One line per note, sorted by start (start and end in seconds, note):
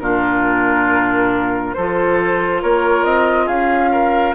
0.00 1.74 A#2
0.00 1.76 D4
0.00 1.76 F4
0.00 1.74 A#4
1.74 2.63 F3
1.74 4.35 F4
1.74 2.62 A4
1.74 2.61 C5
2.62 3.04 A#3
2.62 3.46 A#4
2.62 3.04 C#5
3.04 3.47 C4
3.04 3.47 D#5
3.46 4.34 C#4
3.46 3.89 G#4
3.46 4.34 F5
3.92 4.35 A#4